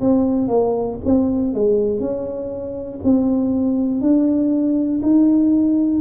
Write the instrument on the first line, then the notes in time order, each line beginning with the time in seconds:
tuba
0.00 C4
0.48 A#3
1.05 C4
1.54 G#3
2.00 C#4
3.03 C4
4.01 D4
5.02 D#4